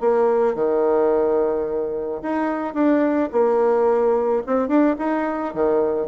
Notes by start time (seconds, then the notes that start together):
0.00 A#3
0.55 D#3
2.22 D#4
2.74 D4
3.32 A#3
4.46 C4
4.68 D4
4.98 D#4
5.54 D#3